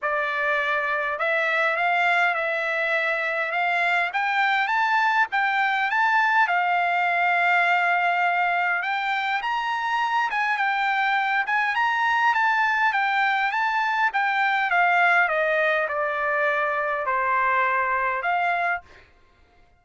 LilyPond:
\new Staff \with { instrumentName = "trumpet" } { \time 4/4 \tempo 4 = 102 d''2 e''4 f''4 | e''2 f''4 g''4 | a''4 g''4 a''4 f''4~ | f''2. g''4 |
ais''4. gis''8 g''4. gis''8 | ais''4 a''4 g''4 a''4 | g''4 f''4 dis''4 d''4~ | d''4 c''2 f''4 | }